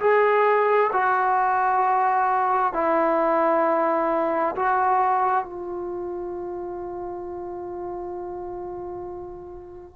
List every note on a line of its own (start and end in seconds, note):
0.00 0.91 G#4
0.93 2.74 F#4
2.74 4.55 E4
4.55 5.45 F#4
5.45 9.96 F4